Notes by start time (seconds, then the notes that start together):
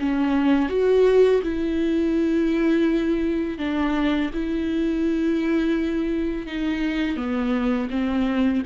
0.00 C#4
0.70 F#4
1.43 E4
3.59 D4
4.34 E4
6.47 D#4
7.17 B3
7.91 C4